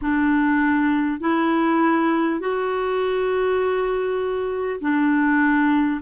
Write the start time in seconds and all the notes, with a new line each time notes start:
0.01 D4
1.20 E4
2.40 F#4
4.80 D4